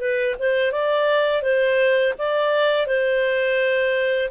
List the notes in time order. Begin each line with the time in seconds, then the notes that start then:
0.00 B4
0.39 C5
0.72 D5
1.43 C5
2.18 D5
2.87 C5